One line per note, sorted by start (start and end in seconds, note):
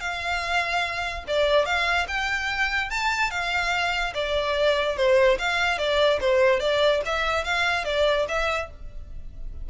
0.00 1.24 F5
1.27 1.65 D5
1.65 2.07 F5
2.08 2.90 G5
2.90 3.31 A5
3.31 4.13 F5
4.14 4.97 D5
4.97 5.38 C5
5.39 5.78 F5
5.78 6.20 D5
6.21 6.60 C5
6.60 7.01 D5
7.05 7.44 E5
7.44 7.85 F5
7.85 8.26 D5
8.28 8.70 E5